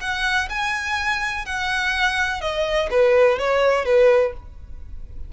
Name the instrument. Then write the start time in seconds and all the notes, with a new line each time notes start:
violin
0.00 F#5
0.49 G#5
1.45 F#5
2.41 D#5
2.90 B4
3.38 C#5
3.85 B4